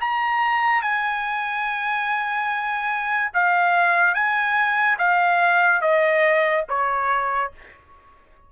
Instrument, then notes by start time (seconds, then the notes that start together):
trumpet
0.00 A#5
0.82 G#5
3.34 F5
4.14 G#5
4.98 F5
5.81 D#5
6.69 C#5